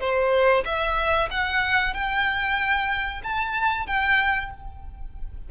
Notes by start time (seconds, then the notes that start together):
0.00 C5
0.65 E5
1.30 F#5
1.94 G5
3.23 A5
3.86 G5